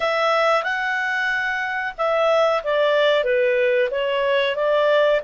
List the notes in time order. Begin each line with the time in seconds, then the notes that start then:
0.00 E5
0.63 F#5
1.97 E5
2.63 D5
3.23 B4
3.90 C#5
4.55 D5